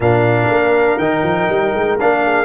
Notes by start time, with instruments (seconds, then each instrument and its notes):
0.00 tuba A#2, trombone D4, horn A#4, trumpet F5
0.50 tuba A#3
0.98 tuba D#3, trombone D#4, trumpet G5
1.23 tuba F3
1.48 tuba G3
1.74 tuba G#3
1.99 tuba A#3, trombone D4, trumpet F5
2.23 horn G#4